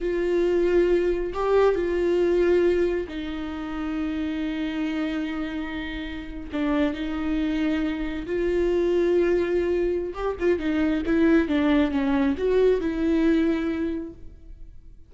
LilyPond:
\new Staff \with { instrumentName = "viola" } { \time 4/4 \tempo 4 = 136 f'2. g'4 | f'2. dis'4~ | dis'1~ | dis'2~ dis'8. d'4 dis'16~ |
dis'2~ dis'8. f'4~ f'16~ | f'2. g'8 f'8 | dis'4 e'4 d'4 cis'4 | fis'4 e'2. | }